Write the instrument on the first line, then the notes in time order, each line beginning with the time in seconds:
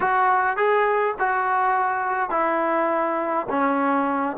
trombone
0.00 F#4
0.56 G#4
1.19 F#4
2.30 E4
3.49 C#4